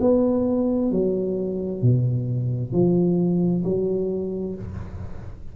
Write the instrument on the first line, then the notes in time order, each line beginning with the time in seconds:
tuba
0.00 B3
0.91 F#3
1.81 B2
2.72 F3
3.64 F#3